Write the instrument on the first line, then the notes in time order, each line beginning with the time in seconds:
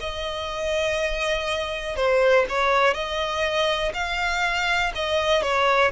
violin
0.00 D#5
1.96 C5
2.49 C#5
2.94 D#5
3.93 F5
4.95 D#5
5.42 C#5